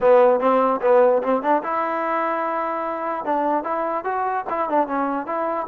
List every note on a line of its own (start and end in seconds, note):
0.01 0.40 B3
0.40 0.80 C4
0.81 1.22 B3
1.22 1.42 C4
1.42 1.62 D4
1.63 3.24 E4
3.24 3.63 D4
3.63 4.04 E4
4.04 4.45 F#4
4.49 4.69 E4
4.69 4.87 D4
4.87 5.26 C#4
5.26 5.66 E4